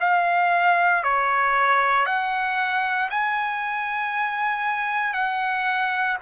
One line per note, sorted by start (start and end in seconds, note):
0.00 1.03 F5
1.03 2.05 C#5
2.05 3.09 F#5
3.10 5.13 G#5
5.13 6.16 F#5